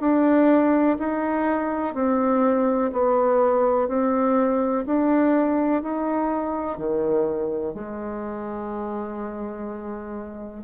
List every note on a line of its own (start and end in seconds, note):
0.00 0.97 D4
0.98 1.94 D#4
1.94 2.91 C4
2.92 3.88 B3
3.88 4.84 C4
4.86 5.82 D4
5.82 6.77 D#4
6.77 7.74 D#3
7.74 10.63 G#3